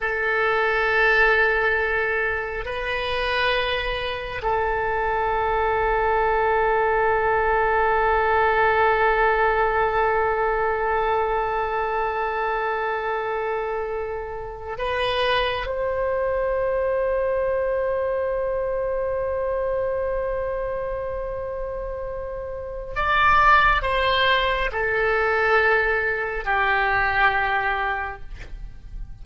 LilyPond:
\new Staff \with { instrumentName = "oboe" } { \time 4/4 \tempo 4 = 68 a'2. b'4~ | b'4 a'2.~ | a'1~ | a'1~ |
a'8. b'4 c''2~ c''16~ | c''1~ | c''2 d''4 c''4 | a'2 g'2 | }